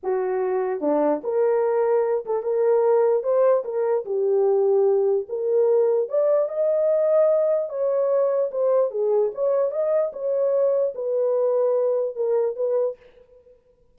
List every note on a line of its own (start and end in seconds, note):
0.03 0.81 F#4
0.81 1.21 D4
1.23 2.25 A#4
2.25 2.42 A4
2.42 3.23 A#4
3.23 3.63 C5
3.64 4.04 A#4
4.05 5.26 G4
5.28 6.08 A#4
6.08 6.48 D5
6.48 7.69 D#5
7.69 8.50 C#5
8.51 8.91 C5
8.91 9.31 G#4
9.34 9.71 C#5
9.71 10.11 D#5
10.12 10.93 C#5
10.94 12.15 B4
12.15 12.56 A#4
12.56 12.96 B4